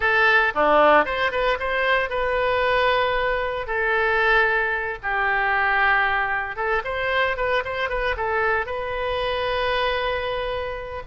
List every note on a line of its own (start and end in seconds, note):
0.00 0.53 A4
0.54 1.05 D4
1.05 1.31 C5
1.31 1.58 B4
1.59 2.09 C5
2.09 3.66 B4
3.66 4.98 A4
5.02 6.56 G4
6.56 6.82 A4
6.84 7.36 C5
7.36 7.63 B4
7.64 7.89 C5
7.89 8.15 B4
8.16 8.66 A4
8.66 11.02 B4